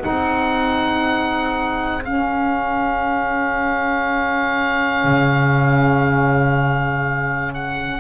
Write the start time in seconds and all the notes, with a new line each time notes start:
0.00 C4 D#4 G#4 F#5
2.04 C#4 F5
5.04 C#3
7.54 F#5